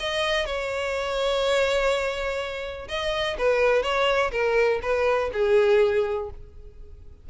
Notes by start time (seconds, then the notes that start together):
0.00 D#5
0.46 C#5
2.89 D#5
3.39 B4
3.83 C#5
4.32 A#4
4.82 B4
5.33 G#4